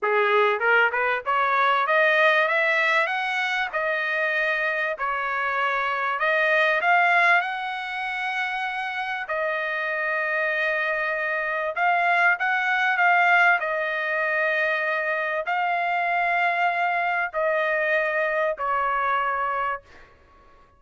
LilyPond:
\new Staff \with { instrumentName = "trumpet" } { \time 4/4 \tempo 4 = 97 gis'4 ais'8 b'8 cis''4 dis''4 | e''4 fis''4 dis''2 | cis''2 dis''4 f''4 | fis''2. dis''4~ |
dis''2. f''4 | fis''4 f''4 dis''2~ | dis''4 f''2. | dis''2 cis''2 | }